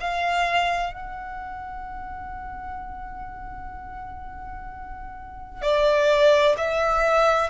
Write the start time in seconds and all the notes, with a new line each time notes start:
0.00 F5
0.94 F#5
5.62 D5
6.58 E5